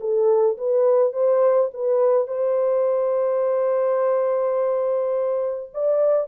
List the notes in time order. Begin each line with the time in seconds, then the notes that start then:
0.00 A4
0.57 B4
1.12 C5
1.74 B4
2.28 C5
5.74 D5